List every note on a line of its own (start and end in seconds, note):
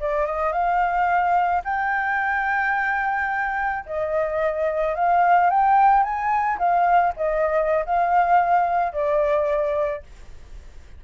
0.00 0.26 D5
0.26 0.52 D#5
0.52 1.62 F5
1.64 3.85 G5
3.86 4.95 D#5
4.95 5.50 F5
5.50 6.03 G5
6.03 6.58 G#5
6.58 7.13 F5
7.16 7.85 D#5
7.85 8.93 F5
8.93 10.03 D5